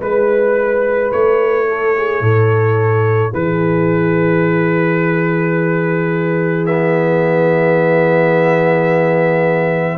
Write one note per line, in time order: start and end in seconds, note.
0.00 1.12 G#3
0.00 6.66 E4
0.00 1.67 B4
0.00 1.11 B4
1.11 2.21 A3
1.11 3.33 C#5
1.68 1.96 A4
1.96 2.22 G#4
2.21 3.32 A2
2.21 3.33 A4
3.33 9.97 E3
3.33 9.97 G#4
3.33 6.66 B4
6.66 9.97 B3
6.66 9.97 E5